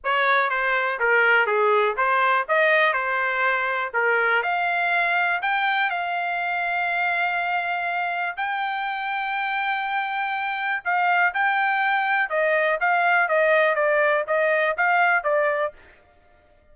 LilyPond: \new Staff \with { instrumentName = "trumpet" } { \time 4/4 \tempo 4 = 122 cis''4 c''4 ais'4 gis'4 | c''4 dis''4 c''2 | ais'4 f''2 g''4 | f''1~ |
f''4 g''2.~ | g''2 f''4 g''4~ | g''4 dis''4 f''4 dis''4 | d''4 dis''4 f''4 d''4 | }